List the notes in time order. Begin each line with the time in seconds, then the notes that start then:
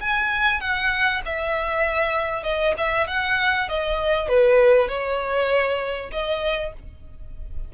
0.00 G#5
0.60 F#5
1.25 E5
2.43 D#5
2.77 E5
3.07 F#5
3.68 D#5
4.28 B4
4.88 C#5
6.11 D#5